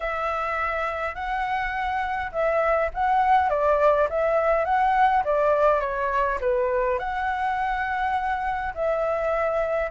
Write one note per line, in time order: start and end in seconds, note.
0.00 1.14 E5
1.14 2.31 F#5
2.31 2.90 E5
2.94 3.49 F#5
3.49 4.08 D5
4.09 4.64 E5
4.64 5.23 F#5
5.24 5.80 D5
5.80 6.38 C#5
6.41 6.98 B4
6.98 8.73 F#5
8.74 9.90 E5